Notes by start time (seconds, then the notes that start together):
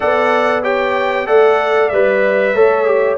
0.00 B3 A4 D5 F#5
0.62 G4 C#5 G5
1.26 A3 A4 D5 F#5
1.88 G3 B4 E5
2.54 A3 A4 C#5
2.85 G4